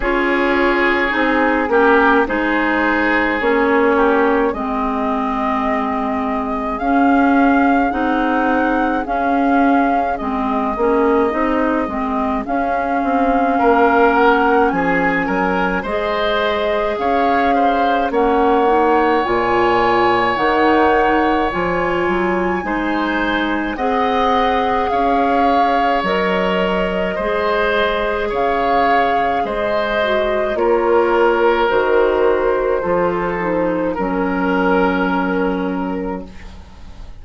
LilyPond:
<<
  \new Staff \with { instrumentName = "flute" } { \time 4/4 \tempo 4 = 53 cis''4 gis'8 ais'8 c''4 cis''4 | dis''2 f''4 fis''4 | f''4 dis''2 f''4~ | f''8 fis''8 gis''4 dis''4 f''4 |
fis''4 gis''4 fis''4 gis''4~ | gis''4 fis''4 f''4 dis''4~ | dis''4 f''4 dis''4 cis''4 | c''2 ais'2 | }
  \new Staff \with { instrumentName = "oboe" } { \time 4/4 gis'4. g'8 gis'4. g'8 | gis'1~ | gis'1 | ais'4 gis'8 ais'8 c''4 cis''8 c''8 |
cis''1 | c''4 dis''4 cis''2 | c''4 cis''4 c''4 ais'4~ | ais'4 a'4 ais'2 | }
  \new Staff \with { instrumentName = "clarinet" } { \time 4/4 f'4 dis'8 cis'8 dis'4 cis'4 | c'2 cis'4 dis'4 | cis'4 c'8 cis'8 dis'8 c'8 cis'4~ | cis'2 gis'2 |
cis'8 dis'8 f'4 dis'4 f'4 | dis'4 gis'2 ais'4 | gis'2~ gis'8 fis'8 f'4 | fis'4 f'8 dis'8 cis'2 | }
  \new Staff \with { instrumentName = "bassoon" } { \time 4/4 cis'4 c'8 ais8 gis4 ais4 | gis2 cis'4 c'4 | cis'4 gis8 ais8 c'8 gis8 cis'8 c'8 | ais4 f8 fis8 gis4 cis'4 |
ais4 ais,4 dis4 f8 fis8 | gis4 c'4 cis'4 fis4 | gis4 cis4 gis4 ais4 | dis4 f4 fis2 | }
>>